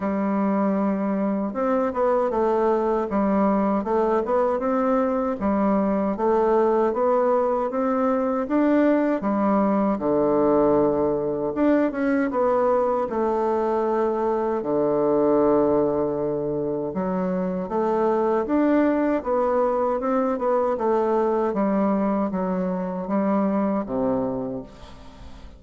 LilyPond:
\new Staff \with { instrumentName = "bassoon" } { \time 4/4 \tempo 4 = 78 g2 c'8 b8 a4 | g4 a8 b8 c'4 g4 | a4 b4 c'4 d'4 | g4 d2 d'8 cis'8 |
b4 a2 d4~ | d2 fis4 a4 | d'4 b4 c'8 b8 a4 | g4 fis4 g4 c4 | }